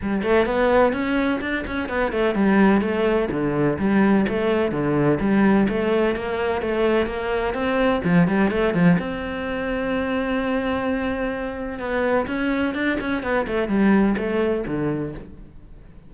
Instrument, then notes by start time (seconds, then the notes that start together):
cello
0.02 G3
0.23 A3
0.46 B3
0.93 C#4
1.40 D4
1.66 C#4
1.88 B3
2.12 A3
2.34 G3
2.81 A3
3.30 D3
3.78 G3
4.28 A3
4.71 D3
5.20 G3
5.68 A3
6.15 A#3
6.61 A3
7.06 A#3
7.54 C4
8.04 F3
8.27 G3
8.50 A3
8.74 F3
8.98 C4
11.79 B3
12.27 C#4
12.74 D4
13.00 C#4
13.23 B3
13.47 A3
13.68 G3
14.17 A3
14.66 D3